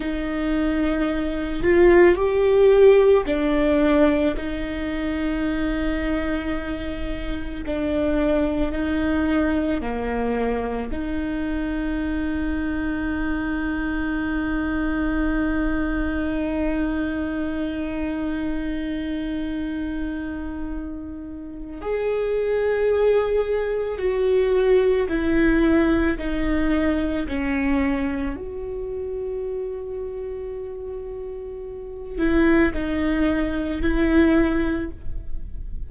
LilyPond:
\new Staff \with { instrumentName = "viola" } { \time 4/4 \tempo 4 = 55 dis'4. f'8 g'4 d'4 | dis'2. d'4 | dis'4 ais4 dis'2~ | dis'1~ |
dis'1 | gis'2 fis'4 e'4 | dis'4 cis'4 fis'2~ | fis'4. e'8 dis'4 e'4 | }